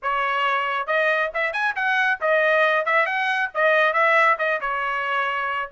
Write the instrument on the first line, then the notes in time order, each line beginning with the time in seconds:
trumpet
0.02 C#5
0.86 D#5
1.34 E5
1.52 G#5
1.75 F#5
2.20 D#5
2.85 E5
3.06 F#5
3.54 D#5
3.93 E5
4.38 D#5
4.60 C#5